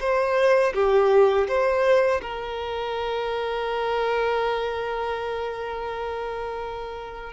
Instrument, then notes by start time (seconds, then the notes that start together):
violin
0.00 C5
0.74 G4
1.48 C5
2.22 A#4